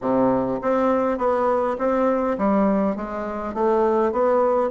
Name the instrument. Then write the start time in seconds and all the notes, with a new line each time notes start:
bassoon
0.01 C3
0.61 C4
1.18 B3
1.78 C4
2.38 G3
2.96 G#3
3.53 A3
4.11 B3